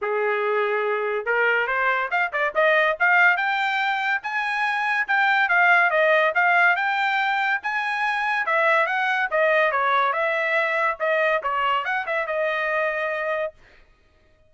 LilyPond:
\new Staff \with { instrumentName = "trumpet" } { \time 4/4 \tempo 4 = 142 gis'2. ais'4 | c''4 f''8 d''8 dis''4 f''4 | g''2 gis''2 | g''4 f''4 dis''4 f''4 |
g''2 gis''2 | e''4 fis''4 dis''4 cis''4 | e''2 dis''4 cis''4 | fis''8 e''8 dis''2. | }